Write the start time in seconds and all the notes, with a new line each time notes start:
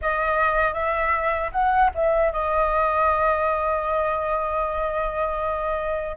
0.01 D#5
0.73 E5
1.51 F#5
1.94 E5
2.32 D#5